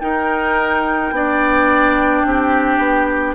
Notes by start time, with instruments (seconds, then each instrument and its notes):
0.00 clarinet D#4, bassoon D#4, oboe A#4, flute G5
1.12 bassoon B3, clarinet D4, oboe D5
2.25 bassoon C4, oboe G4
2.78 bassoon B3